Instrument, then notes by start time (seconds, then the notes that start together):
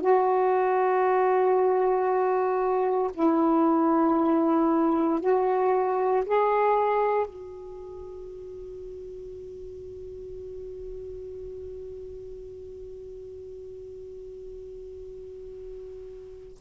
saxophone
0.00 F#4
3.13 E4
5.20 F#4
6.25 G#4
7.26 F#4